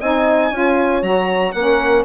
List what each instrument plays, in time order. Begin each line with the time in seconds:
0.00 bassoon C4, saxophone D#4, horn D#5, violin G#5
0.51 bassoon C#4, saxophone F4, horn C#5
1.02 bassoon F#3, saxophone F#4, violin A#5
1.52 bassoon A#3, saxophone C#4, horn A#4, violin F#5